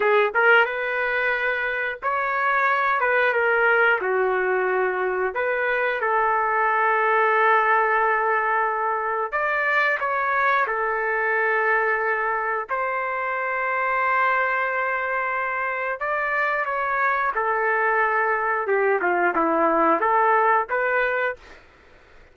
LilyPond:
\new Staff \with { instrumentName = "trumpet" } { \time 4/4 \tempo 4 = 90 gis'8 ais'8 b'2 cis''4~ | cis''8 b'8 ais'4 fis'2 | b'4 a'2.~ | a'2 d''4 cis''4 |
a'2. c''4~ | c''1 | d''4 cis''4 a'2 | g'8 f'8 e'4 a'4 b'4 | }